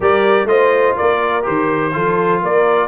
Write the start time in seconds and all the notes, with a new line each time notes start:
0.00 G3 G4 A#4 D5
0.44 A3 F4 C5 D#5
0.96 A#3 A#4 D5
1.43 D#3 G4 C5
1.92 F3 F4 A4
2.41 A#3 A#4 D5